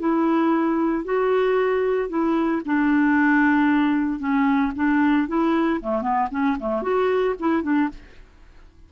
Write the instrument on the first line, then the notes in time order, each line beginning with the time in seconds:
clarinet
0.00 E4
1.05 F#4
2.09 E4
2.66 D4
4.20 C#4
4.76 D4
5.28 E4
5.81 A3
6.02 B3
6.31 C#4
6.60 A3
6.83 F#4
7.40 E4
7.63 D4